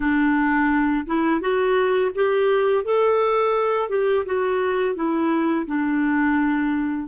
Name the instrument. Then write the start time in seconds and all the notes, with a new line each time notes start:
clarinet
0.00 D4
1.06 E4
1.40 F#4
2.14 G4
2.84 A4
3.89 G4
4.25 F#4
4.95 E4
5.66 D4